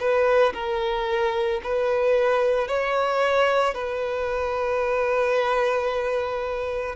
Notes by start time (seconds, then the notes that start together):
0.00 B4
0.54 A#4
1.64 B4
2.68 C#5
3.75 B4